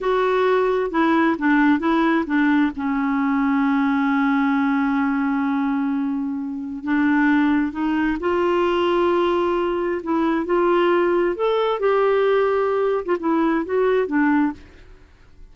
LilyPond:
\new Staff \with { instrumentName = "clarinet" } { \time 4/4 \tempo 4 = 132 fis'2 e'4 d'4 | e'4 d'4 cis'2~ | cis'1~ | cis'2. d'4~ |
d'4 dis'4 f'2~ | f'2 e'4 f'4~ | f'4 a'4 g'2~ | g'8. f'16 e'4 fis'4 d'4 | }